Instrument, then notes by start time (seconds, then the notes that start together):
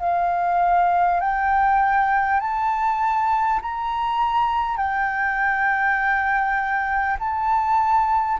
flute
0.00 F5
1.20 G5
2.41 A5
3.62 A#5
4.77 G5
7.19 A5